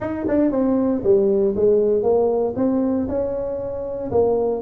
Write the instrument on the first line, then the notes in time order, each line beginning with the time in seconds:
tuba
0.00 D#4
0.28 D4
0.51 C4
1.03 G3
1.55 G#3
2.02 A#3
2.56 C4
3.08 C#4
4.11 A#3